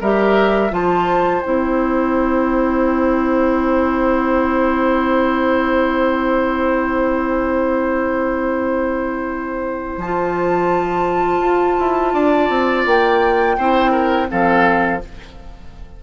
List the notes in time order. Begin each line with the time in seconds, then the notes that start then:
0.00 G3 G4 A#4 E5
0.70 F3 F4 C5 A5
1.42 C4 E4 G5
9.97 F3 A5
10.03 F4
11.40 F4
11.79 E4
12.13 D4 D5
12.49 C4
12.85 A#3 G5
13.57 C4 E4 C5
13.91 A#4
14.28 F3 C4 A4 F5